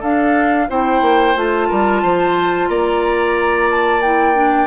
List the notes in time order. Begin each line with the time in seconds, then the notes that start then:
0.00 D4 A4 F5
0.70 C4 E4 C5 G5
1.02 A#3
1.36 A3 F4 A5
1.68 G3 A#4
2.03 F3 C5
2.69 A#3 D5 A#5
3.71 A5
4.02 E4 G5
4.35 D4